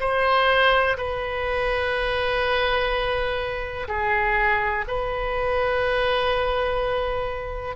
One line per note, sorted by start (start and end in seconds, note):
0.00 0.97 C5
0.97 3.88 B4
3.88 4.85 G#4
4.88 7.76 B4